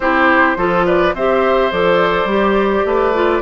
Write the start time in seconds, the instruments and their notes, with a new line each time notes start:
0.00 bassoon C4, clarinet E4, oboe G4, flute C5
0.56 bassoon F3, clarinet F4, oboe A4
0.86 oboe B4, flute D5
1.14 bassoon C4, clarinet G4, oboe C5, flute E5
1.72 bassoon F3, clarinet A4, flute D5
2.24 bassoon G3, clarinet G4
2.85 bassoon A3, oboe B4
3.14 clarinet F4